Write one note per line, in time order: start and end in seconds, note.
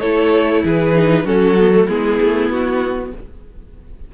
0.00 0.63 A3
0.00 0.95 E4
0.00 0.63 A4
0.00 0.62 C#5
0.64 1.24 E3
0.64 1.25 G#4
0.64 1.26 B4
0.95 1.24 D#4
1.24 1.87 F#3
1.24 1.56 C#4
1.24 1.87 F#4
1.24 1.89 A4
1.59 1.72 B3
1.72 1.87 A3
1.87 2.20 G#3
1.87 3.13 B3
1.87 3.12 E4
1.87 2.51 G#4
2.21 2.49 A3
2.49 3.12 B3
2.49 3.14 F#4